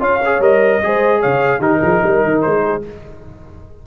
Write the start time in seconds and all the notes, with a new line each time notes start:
0.00 C#4 F4 C#5 F5
0.25 G#4
0.40 G3 A#4 D#5
0.83 G#3 G#4 C5
1.20 C#3 C#5 F5
1.59 D#3 D#4 G4 A#4
1.81 F3 G#4
2.01 G3 A#4
2.24 D#3
2.42 G#3 C5
2.64 G#4